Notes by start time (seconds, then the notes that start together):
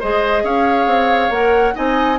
0.00 G#3 G#4 C5 D#5
0.44 C#4 C#5 F5
0.86 C4
1.30 A#3 A#4 F#5
1.74 C4 D#4 D#5 G#5